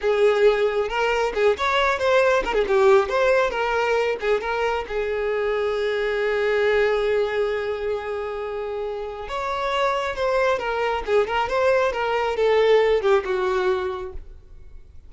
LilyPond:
\new Staff \with { instrumentName = "violin" } { \time 4/4 \tempo 4 = 136 gis'2 ais'4 gis'8 cis''8~ | cis''8 c''4 ais'16 gis'16 g'4 c''4 | ais'4. gis'8 ais'4 gis'4~ | gis'1~ |
gis'1~ | gis'4 cis''2 c''4 | ais'4 gis'8 ais'8 c''4 ais'4 | a'4. g'8 fis'2 | }